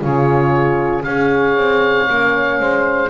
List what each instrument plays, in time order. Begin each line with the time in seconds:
0.00 double bass C#3, horn F4, saxophone G#4, oboe C#5
1.03 double bass C#4, horn G#4, saxophone C#5, oboe F5
1.56 double bass C4
2.08 double bass A#3, horn C#4
2.59 double bass G#3, saxophone C5